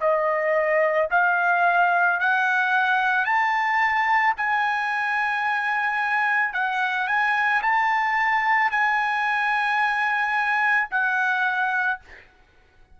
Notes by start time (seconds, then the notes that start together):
0.00 D#5
1.10 F5
2.19 F#5
3.25 A5
4.36 G#5
6.53 F#5
7.07 G#5
7.62 A5
8.71 G#5
10.90 F#5